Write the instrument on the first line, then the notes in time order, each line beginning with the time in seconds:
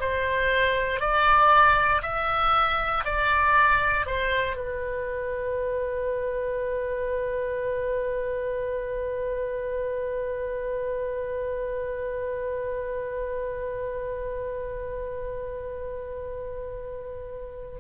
oboe
0.00 C5
1.00 D5
2.02 E5
3.05 D5
4.06 C5
4.56 B4